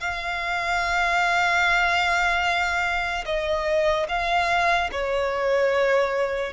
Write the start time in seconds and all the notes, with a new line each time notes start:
0.00 F5
3.25 D#5
4.09 F5
4.92 C#5